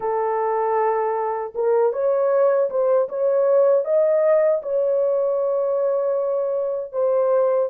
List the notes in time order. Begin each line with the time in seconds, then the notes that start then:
0.00 A4
1.54 A#4
1.92 C#5
2.70 C5
3.08 C#5
3.84 D#5
4.62 C#5
6.92 C5